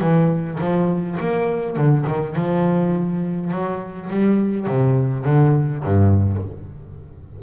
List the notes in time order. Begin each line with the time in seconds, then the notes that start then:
0.00 E3
0.60 F3
1.20 A#3
1.76 D3
2.07 D#3
2.35 F3
3.51 F#3
4.09 G3
4.67 C3
5.25 D3
5.84 G2